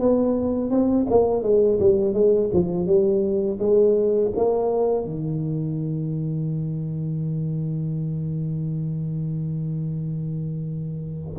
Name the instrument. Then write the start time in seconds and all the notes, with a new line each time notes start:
tuba
0.00 B3
0.71 C4
1.10 A#3
1.43 G#3
1.80 G3
2.14 G#3
2.54 F3
2.87 G3
3.59 G#3
4.36 A#3
5.05 D#3